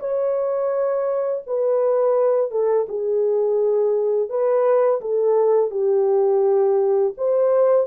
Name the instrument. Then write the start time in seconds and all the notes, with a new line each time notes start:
horn
0.00 C#5
1.47 B4
2.51 A4
2.89 G#4
4.30 B4
5.01 A4
5.71 G4
7.18 C5